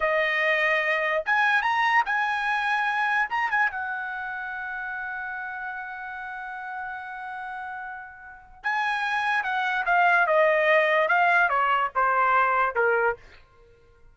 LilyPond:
\new Staff \with { instrumentName = "trumpet" } { \time 4/4 \tempo 4 = 146 dis''2. gis''4 | ais''4 gis''2. | ais''8 gis''8 fis''2.~ | fis''1~ |
fis''1~ | fis''4 gis''2 fis''4 | f''4 dis''2 f''4 | cis''4 c''2 ais'4 | }